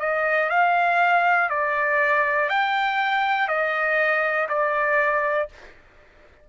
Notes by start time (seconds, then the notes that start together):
0.00 D#5
0.50 F5
1.50 D5
2.49 G5
3.48 D#5
4.49 D5